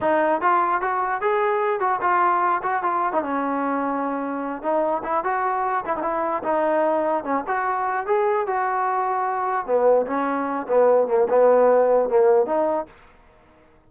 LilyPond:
\new Staff \with { instrumentName = "trombone" } { \time 4/4 \tempo 4 = 149 dis'4 f'4 fis'4 gis'4~ | gis'8 fis'8 f'4. fis'8 f'8. dis'16 | cis'2.~ cis'8 dis'8~ | dis'8 e'8 fis'4. e'16 dis'16 e'4 |
dis'2 cis'8 fis'4. | gis'4 fis'2. | b4 cis'4. b4 ais8 | b2 ais4 dis'4 | }